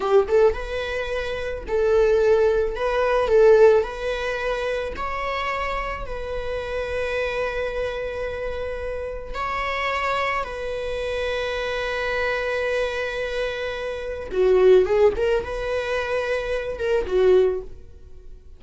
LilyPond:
\new Staff \with { instrumentName = "viola" } { \time 4/4 \tempo 4 = 109 g'8 a'8 b'2 a'4~ | a'4 b'4 a'4 b'4~ | b'4 cis''2 b'4~ | b'1~ |
b'4 cis''2 b'4~ | b'1~ | b'2 fis'4 gis'8 ais'8 | b'2~ b'8 ais'8 fis'4 | }